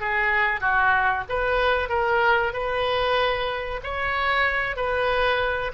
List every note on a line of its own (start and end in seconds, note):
0.00 0.60 G#4
0.60 1.24 F#4
1.29 1.89 B4
1.89 2.53 A#4
2.53 3.81 B4
3.83 4.76 C#5
4.76 5.72 B4